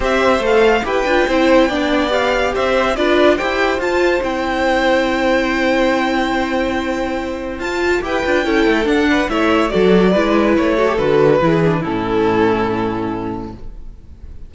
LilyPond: <<
  \new Staff \with { instrumentName = "violin" } { \time 4/4 \tempo 4 = 142 e''4 f''4 g''2~ | g''4 f''4 e''4 d''4 | g''4 a''4 g''2~ | g''1~ |
g''2 a''4 g''4~ | g''4 fis''4 e''4 d''4~ | d''4 cis''4 b'2 | a'1 | }
  \new Staff \with { instrumentName = "violin" } { \time 4/4 c''2 b'4 c''4 | d''2 c''4 b'4 | c''1~ | c''1~ |
c''2. b'4 | a'4. b'8 cis''4 a'4 | b'4. a'4. gis'4 | e'1 | }
  \new Staff \with { instrumentName = "viola" } { \time 4/4 g'4 a'4 g'8 f'8 e'4 | d'4 g'2 f'4 | g'4 f'4 e'2~ | e'1~ |
e'2 f'4 g'8 f'8 | e'4 d'4 e'4 fis'4 | e'4. fis'16 g'16 fis'4 e'8 d'8 | cis'1 | }
  \new Staff \with { instrumentName = "cello" } { \time 4/4 c'4 a4 e'8 d'8 c'4 | b2 c'4 d'4 | e'4 f'4 c'2~ | c'1~ |
c'2 f'4 e'8 d'8 | cis'8 a8 d'4 a4 fis4 | gis4 a4 d4 e4 | a,1 | }
>>